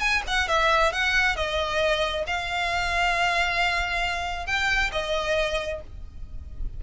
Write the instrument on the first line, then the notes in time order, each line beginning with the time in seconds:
violin
0.00 G#5
0.27 F#5
0.48 E5
0.92 F#5
1.36 D#5
2.26 F5
4.46 G5
4.92 D#5